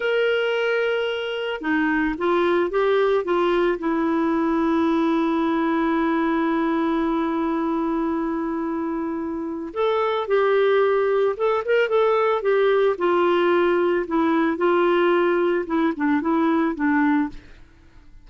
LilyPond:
\new Staff \with { instrumentName = "clarinet" } { \time 4/4 \tempo 4 = 111 ais'2. dis'4 | f'4 g'4 f'4 e'4~ | e'1~ | e'1~ |
e'2 a'4 g'4~ | g'4 a'8 ais'8 a'4 g'4 | f'2 e'4 f'4~ | f'4 e'8 d'8 e'4 d'4 | }